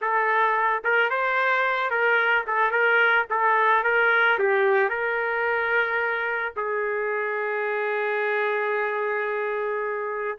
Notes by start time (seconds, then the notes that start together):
0.01 A4
0.84 A#4
1.10 C5
1.90 A#4
2.46 A4
2.71 A#4
3.30 A4
3.83 A#4
4.38 G4
4.89 A#4
6.56 G#4